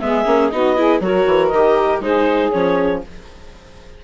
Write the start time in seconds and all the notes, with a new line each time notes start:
0.00 G#3 B3 G#4 E5
0.25 A#3 C#4
0.50 B3 D#4 F#4 D#5
0.77 E4 G#4
1.01 F#3 F#4 A#4 C#5
1.26 E3
1.48 D#3 D#5
1.54 G4
2.00 G#3 D#4 G#4 C5
2.52 F3 C#4 C#5